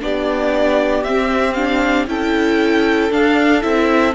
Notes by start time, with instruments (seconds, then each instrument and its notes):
0.00 cello B3, viola D4, violin G4 D5
1.03 cello C4, viola C4, violin E5
1.53 viola D4, violin F5
2.06 cello C#4, viola E4, violin A4 G5
3.10 viola D4, cello D4, violin F5
3.61 cello C4, viola E4, violin E5